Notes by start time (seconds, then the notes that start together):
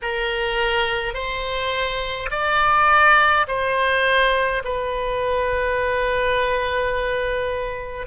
0.02 A#4
1.14 C5
2.31 D5
3.47 C5
4.64 B4